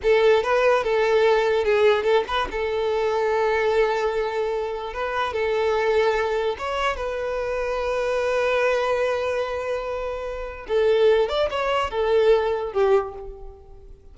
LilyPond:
\new Staff \with { instrumentName = "violin" } { \time 4/4 \tempo 4 = 146 a'4 b'4 a'2 | gis'4 a'8 b'8 a'2~ | a'1 | b'4 a'2. |
cis''4 b'2.~ | b'1~ | b'2 a'4. d''8 | cis''4 a'2 g'4 | }